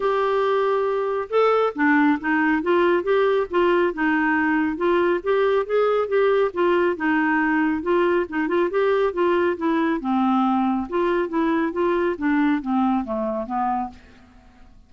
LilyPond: \new Staff \with { instrumentName = "clarinet" } { \time 4/4 \tempo 4 = 138 g'2. a'4 | d'4 dis'4 f'4 g'4 | f'4 dis'2 f'4 | g'4 gis'4 g'4 f'4 |
dis'2 f'4 dis'8 f'8 | g'4 f'4 e'4 c'4~ | c'4 f'4 e'4 f'4 | d'4 c'4 a4 b4 | }